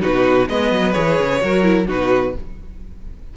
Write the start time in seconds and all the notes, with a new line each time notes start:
0.00 B2 D#4 F#4 B4
0.49 G#3 B3 B4 D#5
0.71 F#3
0.92 E3 G#4 C#5
1.20 C#3
1.42 F#3 F#4 A#4
1.63 E4
1.88 B2 D#4 F#4 B4